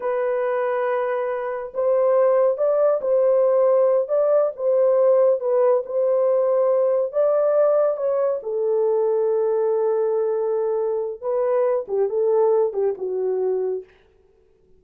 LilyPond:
\new Staff \with { instrumentName = "horn" } { \time 4/4 \tempo 4 = 139 b'1 | c''2 d''4 c''4~ | c''4. d''4 c''4.~ | c''8 b'4 c''2~ c''8~ |
c''8 d''2 cis''4 a'8~ | a'1~ | a'2 b'4. g'8 | a'4. g'8 fis'2 | }